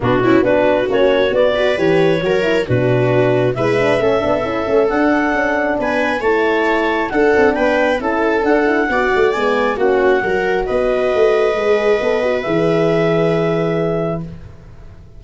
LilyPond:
<<
  \new Staff \with { instrumentName = "clarinet" } { \time 4/4 \tempo 4 = 135 fis'4 b'4 cis''4 d''4 | cis''2 b'2 | e''2. fis''4~ | fis''4 gis''4 a''2 |
fis''4 g''4 a''4 fis''4~ | fis''4 gis''4 fis''2 | dis''1 | e''1 | }
  \new Staff \with { instrumentName = "viola" } { \time 4/4 d'8 e'8 fis'2~ fis'8 b'8~ | b'4 ais'4 fis'2 | b'4 a'2.~ | a'4 b'4 cis''2 |
a'4 b'4 a'2 | d''2 fis'4 ais'4 | b'1~ | b'1 | }
  \new Staff \with { instrumentName = "horn" } { \time 4/4 b8 cis'8 d'4 cis'4 b8 fis'8 | g'4 fis'8 e'8 d'2 | e'8 d'8 cis'8 d'8 e'8 cis'8 d'4~ | d'2 e'2 |
d'2 e'4 d'8 e'8 | fis'4 b4 cis'4 fis'4~ | fis'2 gis'4 a'8 fis'8 | gis'1 | }
  \new Staff \with { instrumentName = "tuba" } { \time 4/4 b,4 b4 ais4 b4 | e4 fis4 b,2 | gis4 a8 b8 cis'8 a8 d'4 | cis'4 b4 a2 |
d'8 c'8 b4 cis'4 d'4 | b8 a8 gis4 ais4 fis4 | b4 a4 gis4 b4 | e1 | }
>>